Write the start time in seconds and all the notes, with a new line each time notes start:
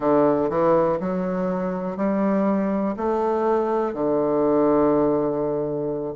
0.00 D3
0.49 E3
1.00 F#3
1.96 G3
2.96 A3
3.93 D3